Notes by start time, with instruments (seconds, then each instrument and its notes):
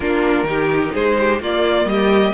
0.00 cello A#3, viola D4, violin F4 A#4
0.43 cello D#3, viola D#4, violin G4
0.93 cello G#3, violin G#4 C5
1.19 violin G4
1.40 cello A#3, viola A#3, violin F4 D5
1.85 cello G3, violin G4 D#5